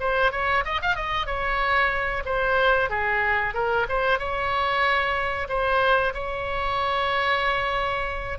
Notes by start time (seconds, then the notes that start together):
0.00 C5
0.32 C#5
0.65 D#5
0.82 F5
0.95 D#5
1.26 C#5
2.25 C5
2.90 G#4
3.54 A#4
3.89 C5
4.19 C#5
5.49 C5
6.14 C#5